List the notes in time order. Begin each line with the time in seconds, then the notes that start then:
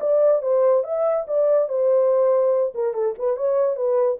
0.00 D5
0.42 C5
0.84 E5
1.27 D5
1.68 C5
2.74 A#4
2.94 A4
3.18 B4
3.36 C#5
3.76 B4